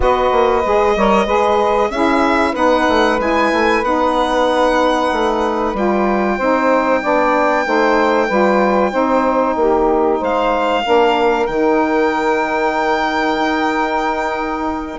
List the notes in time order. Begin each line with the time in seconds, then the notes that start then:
0.00 B3 F#4 B4 D#5
0.31 A#3
0.65 G#3 G#4
0.96 G3 A#4 C#5
1.25 G#3 G#4 B4
1.90 C#4 E4 G#4 E5
2.51 B3 D#4 B4 F#5
2.88 A3
3.19 G#3 E4 G#5
3.52 A3
3.83 B3 D#4 F#5
5.12 A3
5.74 G3 F4 G5
6.37 C4 D#4 C5
7.01 B3 D4 D5
7.65 A3 D#4 C5
8.27 G3 F4 B4
8.90 C4 D#4 C5
9.55 A#3 G4
10.19 G#3 C5 F5
10.83 A#3 D4 A#4
11.46 D#3 D#4 G5
13.39 D#4